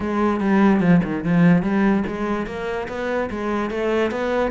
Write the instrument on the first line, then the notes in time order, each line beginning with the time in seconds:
cello
0.00 G#3
0.40 G3
0.80 F3
1.03 D#3
1.23 F3
1.62 G3
2.07 G#3
2.46 A#3
2.88 B3
3.30 G#3
3.70 A3
4.11 B3